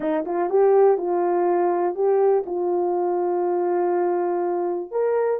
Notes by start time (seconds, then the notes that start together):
0.00 D#4
0.25 F4
0.49 G4
0.97 F4
1.94 G4
2.46 F4
4.91 A#4